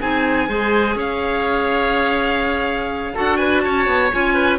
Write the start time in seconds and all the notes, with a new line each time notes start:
0.00 C4 D#4 G#4 G#5
0.48 G#3 G#4 C5
0.95 C#4 C#5 F5
3.14 D4 F#4 A4 F#5
3.37 B4 G#5
3.61 C#4 C#5 A5
3.86 B3
4.12 C#4 F4 G#5
4.34 B4